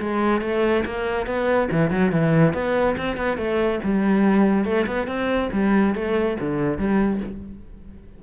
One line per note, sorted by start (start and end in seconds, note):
0.00 0.41 G#3
0.41 0.84 A3
0.85 1.26 A#3
1.26 1.69 B3
1.71 1.90 E3
1.90 2.12 F#3
2.12 2.54 E3
2.54 2.96 B3
2.97 3.17 C4
3.17 3.37 B3
3.37 3.80 A3
3.84 4.65 G3
4.65 4.86 A3
4.87 5.07 B3
5.07 5.50 C4
5.52 5.95 G3
5.95 6.37 A3
6.40 6.78 D3
6.78 7.21 G3